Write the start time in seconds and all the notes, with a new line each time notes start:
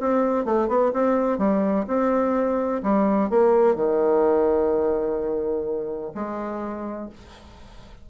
0.00 C4
0.45 A3
0.68 B3
0.93 C4
1.38 G3
1.87 C4
2.83 G3
3.30 A#3
3.75 D#3
6.15 G#3